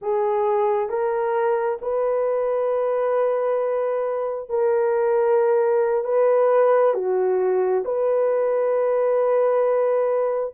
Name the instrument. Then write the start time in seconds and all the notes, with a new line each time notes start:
horn
0.01 G#4
0.89 A#4
1.82 B4
4.49 A#4
6.04 B4
6.94 F#4
7.84 B4